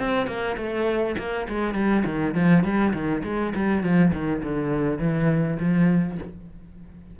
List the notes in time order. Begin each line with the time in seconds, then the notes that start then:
0.00 C4
0.27 A#3
0.57 A3
1.18 A#3
1.49 G#3
1.75 G3
2.05 D#3
2.35 F3
2.64 G3
2.94 D#3
3.24 G#3
3.56 G3
3.83 F3
4.13 D#3
4.43 D3
4.99 E3
5.60 F3